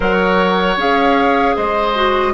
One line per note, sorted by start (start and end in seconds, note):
0.00 0.76 F#3
0.00 0.77 A#4
0.00 1.56 C#5
0.00 0.79 F#5
0.76 1.54 C#4
0.76 1.94 G#4
0.76 1.56 F5
1.56 2.33 G#3
1.56 2.33 C5
1.56 2.33 D#5
1.94 2.33 F#4